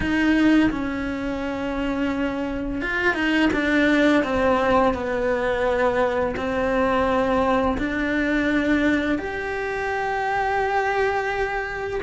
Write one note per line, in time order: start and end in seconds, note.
0.00 0.70 D#4
0.70 2.81 C#4
2.81 3.14 F4
3.14 3.49 D#4
3.53 4.23 D4
4.23 4.93 C4
4.93 6.35 B3
6.36 7.77 C4
7.77 9.18 D4
9.18 12.00 G4